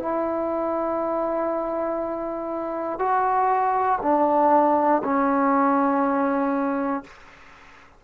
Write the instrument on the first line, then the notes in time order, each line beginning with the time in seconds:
trombone
0.00 E4
2.99 F#4
4.02 D4
5.04 C#4